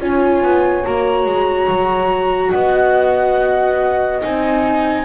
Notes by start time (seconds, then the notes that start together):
0.00 C#4 F4 C#5 G#5
0.43 B3
0.84 A#3 F#4 A#5
1.26 G#3
1.68 F#3
2.51 B3 D#5 F#5
4.21 C4 D#4 G#5